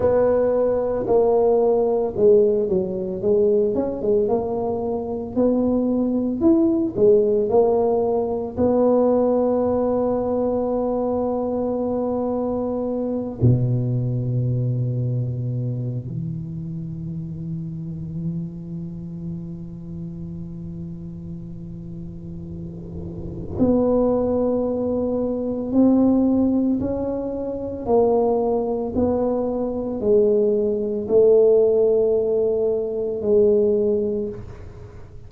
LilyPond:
\new Staff \with { instrumentName = "tuba" } { \time 4/4 \tempo 4 = 56 b4 ais4 gis8 fis8 gis8 cis'16 gis16 | ais4 b4 e'8 gis8 ais4 | b1~ | b8 b,2~ b,8 e4~ |
e1~ | e2 b2 | c'4 cis'4 ais4 b4 | gis4 a2 gis4 | }